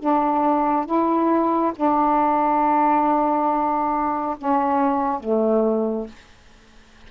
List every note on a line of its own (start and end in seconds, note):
0.00 0.86 D4
0.86 1.73 E4
1.76 4.37 D4
4.38 5.21 C#4
5.21 6.08 A3